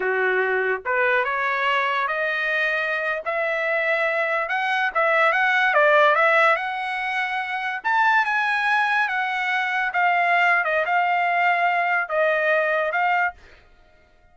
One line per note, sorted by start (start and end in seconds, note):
0.00 0.82 F#4
0.85 1.24 B4
1.24 2.07 C#5
2.07 3.22 D#5
3.25 4.48 E5
4.48 4.90 F#5
4.94 5.32 E5
5.32 5.73 F#5
5.73 6.15 D5
6.15 6.55 E5
6.55 7.80 F#5
7.84 8.25 A5
8.25 9.08 G#5
9.08 9.91 F#5
9.93 10.64 F5
10.64 10.85 D#5
10.85 12.09 F5
12.09 12.91 D#5
12.91 13.33 F5